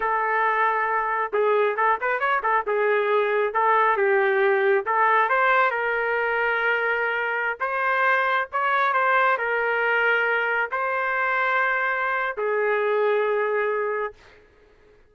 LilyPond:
\new Staff \with { instrumentName = "trumpet" } { \time 4/4 \tempo 4 = 136 a'2. gis'4 | a'8 b'8 cis''8 a'8 gis'2 | a'4 g'2 a'4 | c''4 ais'2.~ |
ais'4~ ais'16 c''2 cis''8.~ | cis''16 c''4 ais'2~ ais'8.~ | ais'16 c''2.~ c''8. | gis'1 | }